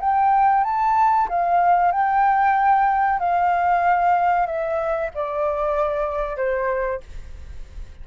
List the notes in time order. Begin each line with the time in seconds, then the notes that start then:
0.00 G5
0.64 A5
1.29 F5
1.92 G5
3.19 F5
4.46 E5
5.14 D5
6.37 C5